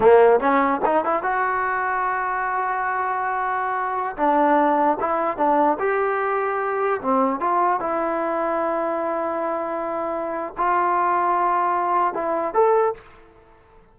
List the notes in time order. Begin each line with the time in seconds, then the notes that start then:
0.00 A#3
0.40 C#4
0.85 D#4
1.04 E4
1.22 F#4
4.16 D4
4.99 E4
5.37 D4
5.79 G4
7.01 C4
7.40 F4
7.80 E4
10.57 F4
12.14 E4
12.54 A4